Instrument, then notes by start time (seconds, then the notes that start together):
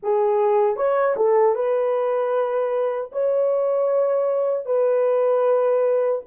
horn
0.02 G#4
0.76 C#5
1.16 A4
1.55 B4
3.12 C#5
4.65 B4